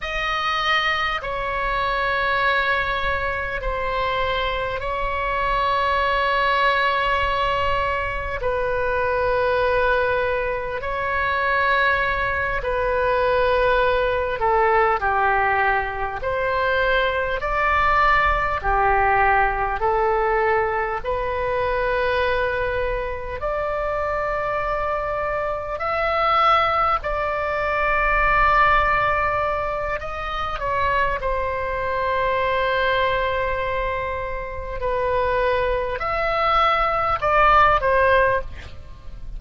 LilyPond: \new Staff \with { instrumentName = "oboe" } { \time 4/4 \tempo 4 = 50 dis''4 cis''2 c''4 | cis''2. b'4~ | b'4 cis''4. b'4. | a'8 g'4 c''4 d''4 g'8~ |
g'8 a'4 b'2 d''8~ | d''4. e''4 d''4.~ | d''4 dis''8 cis''8 c''2~ | c''4 b'4 e''4 d''8 c''8 | }